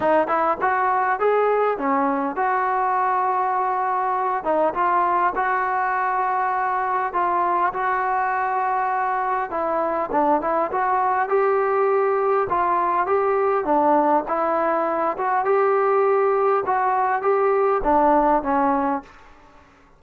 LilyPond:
\new Staff \with { instrumentName = "trombone" } { \time 4/4 \tempo 4 = 101 dis'8 e'8 fis'4 gis'4 cis'4 | fis'2.~ fis'8 dis'8 | f'4 fis'2. | f'4 fis'2. |
e'4 d'8 e'8 fis'4 g'4~ | g'4 f'4 g'4 d'4 | e'4. fis'8 g'2 | fis'4 g'4 d'4 cis'4 | }